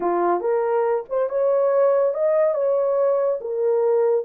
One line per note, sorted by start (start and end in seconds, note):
0.00 0.40 F4
0.40 1.04 A#4
1.09 1.29 C5
1.29 2.14 C#5
2.14 2.54 D#5
2.54 3.39 C#5
3.40 4.25 A#4